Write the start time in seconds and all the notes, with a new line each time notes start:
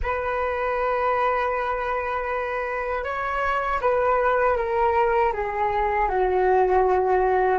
0.02 B4
3.04 C#5
3.81 B4
4.56 A#4
5.33 G#4
6.08 F#4